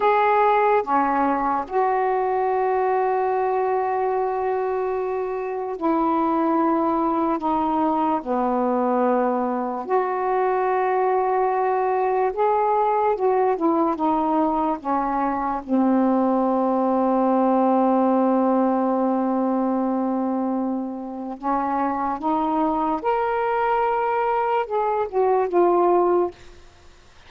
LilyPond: \new Staff \with { instrumentName = "saxophone" } { \time 4/4 \tempo 4 = 73 gis'4 cis'4 fis'2~ | fis'2. e'4~ | e'4 dis'4 b2 | fis'2. gis'4 |
fis'8 e'8 dis'4 cis'4 c'4~ | c'1~ | c'2 cis'4 dis'4 | ais'2 gis'8 fis'8 f'4 | }